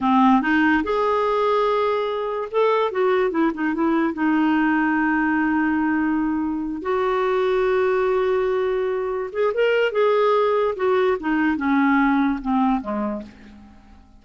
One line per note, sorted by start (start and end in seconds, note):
0.00 0.41 C4
0.41 0.83 D#4
0.83 2.48 G#4
2.51 2.91 A4
2.91 3.30 F#4
3.30 3.51 E4
3.54 3.74 D#4
3.74 4.13 E4
4.13 6.82 D#4
6.82 9.30 F#4
9.32 9.53 G#4
9.53 9.92 A#4
9.92 10.75 G#4
10.76 11.17 F#4
11.19 11.56 D#4
11.56 12.39 C#4
12.41 12.81 C4
12.81 13.22 G#3